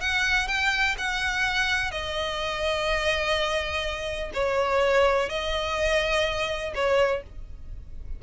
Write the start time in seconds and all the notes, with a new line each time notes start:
0.00 F#5
0.47 G5
0.98 F#5
1.91 D#5
4.33 C#5
5.29 D#5
6.74 C#5